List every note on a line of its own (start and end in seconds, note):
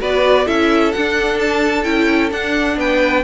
0.00 0.47 B3
0.00 0.46 F#4
0.00 0.46 B4
0.00 0.48 D5
0.46 0.94 C#4
0.46 0.92 E4
0.46 2.76 A4
0.46 0.92 E5
0.92 1.85 D4
0.92 1.84 D4
0.92 1.38 F#5
1.40 1.84 A5
1.84 2.31 C#4
1.84 2.30 E4
1.84 2.30 G5
2.31 2.77 D4
2.31 3.24 D4
2.31 2.78 F#5
2.77 3.23 B3
2.77 3.24 B4
2.77 3.24 G5